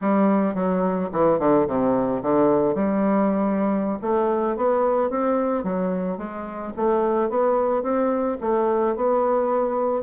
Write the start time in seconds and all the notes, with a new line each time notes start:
0.01 G3
0.54 F#3
1.12 E3
1.39 D3
1.67 C3
2.22 D3
2.74 G3
4.01 A3
4.56 B3
5.10 C4
5.63 F#3
6.17 G#3
6.76 A3
7.29 B3
7.82 C4
8.40 A3
8.95 B3